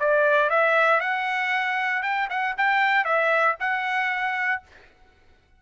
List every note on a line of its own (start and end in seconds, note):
0.00 0.50 D5
0.50 1.01 E5
1.01 2.03 F#5
2.03 2.29 G5
2.30 2.56 F#5
2.58 3.05 G5
3.05 3.56 E5
3.60 4.63 F#5